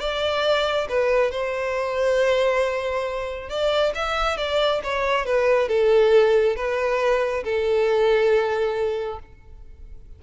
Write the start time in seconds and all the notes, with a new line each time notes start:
0.00 D5
0.89 B4
1.31 C5
3.49 D5
3.95 E5
4.37 D5
4.84 C#5
5.26 B4
5.69 A4
6.56 B4
7.44 A4